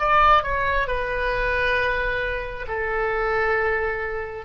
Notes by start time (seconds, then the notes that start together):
0.00 D5
0.44 C#5
0.88 B4
2.68 A4